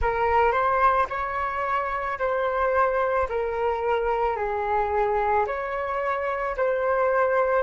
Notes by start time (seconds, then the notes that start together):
0.01 A#4
0.52 C5
1.09 C#5
2.18 C5
3.29 A#4
4.36 G#4
5.46 C#5
6.57 C5